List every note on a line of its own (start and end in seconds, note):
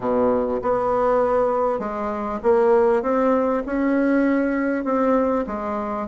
0.00 0.60 B2
0.61 1.79 B3
1.79 2.39 G#3
2.42 3.02 A#3
3.02 3.63 C4
3.66 4.84 C#4
4.84 5.45 C4
5.47 6.07 G#3